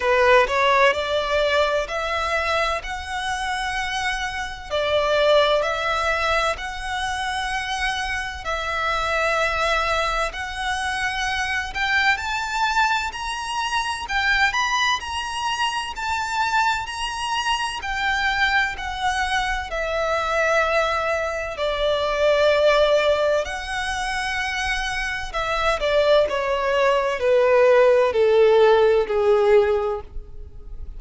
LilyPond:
\new Staff \with { instrumentName = "violin" } { \time 4/4 \tempo 4 = 64 b'8 cis''8 d''4 e''4 fis''4~ | fis''4 d''4 e''4 fis''4~ | fis''4 e''2 fis''4~ | fis''8 g''8 a''4 ais''4 g''8 b''8 |
ais''4 a''4 ais''4 g''4 | fis''4 e''2 d''4~ | d''4 fis''2 e''8 d''8 | cis''4 b'4 a'4 gis'4 | }